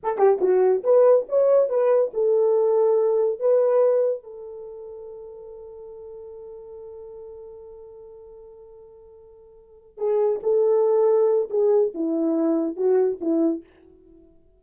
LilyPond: \new Staff \with { instrumentName = "horn" } { \time 4/4 \tempo 4 = 141 a'8 g'8 fis'4 b'4 cis''4 | b'4 a'2. | b'2 a'2~ | a'1~ |
a'1~ | a'2.~ a'8 gis'8~ | gis'8 a'2~ a'8 gis'4 | e'2 fis'4 e'4 | }